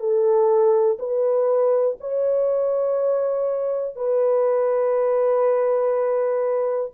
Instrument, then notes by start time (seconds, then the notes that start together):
horn
0.00 A4
0.99 B4
2.00 C#5
3.96 B4